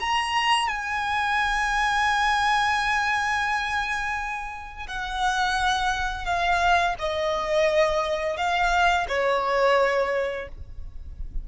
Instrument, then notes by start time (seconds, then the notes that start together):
violin
0.00 A#5
0.68 G#5
4.87 F#5
6.25 F5
6.99 D#5
8.37 F5
9.08 C#5